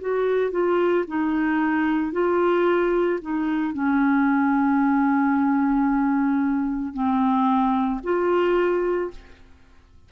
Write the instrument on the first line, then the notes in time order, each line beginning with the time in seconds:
clarinet
0.00 F#4
0.51 F4
1.07 D#4
2.12 F4
3.21 D#4
3.74 C#4
6.93 C4
8.03 F4